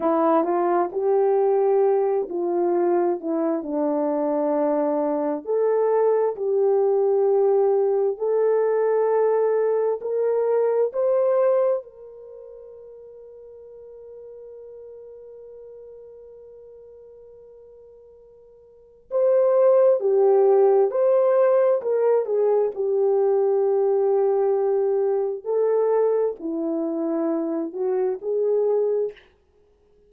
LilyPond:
\new Staff \with { instrumentName = "horn" } { \time 4/4 \tempo 4 = 66 e'8 f'8 g'4. f'4 e'8 | d'2 a'4 g'4~ | g'4 a'2 ais'4 | c''4 ais'2.~ |
ais'1~ | ais'4 c''4 g'4 c''4 | ais'8 gis'8 g'2. | a'4 e'4. fis'8 gis'4 | }